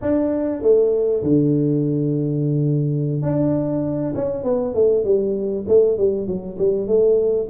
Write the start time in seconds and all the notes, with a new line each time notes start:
0.01 D4
0.62 A3
1.22 D3
3.22 D4
4.15 C#4
4.43 B3
4.74 A3
5.04 G3
5.68 A3
5.97 G3
6.27 F#3
6.58 G3
6.87 A3